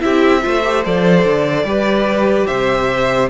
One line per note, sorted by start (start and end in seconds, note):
0.00 0.45 C4
0.00 0.41 E4
0.00 0.42 G4
0.00 0.84 E5
0.42 0.86 A3
0.42 0.62 F4
0.42 1.66 C5
0.64 0.85 G4
0.85 1.24 F3
0.85 1.67 A4
0.85 2.47 D5
1.24 1.64 D3
1.64 2.46 G3
1.64 3.30 G4
1.64 2.48 B4
2.47 3.30 C3
2.47 3.30 C5
2.47 3.29 E5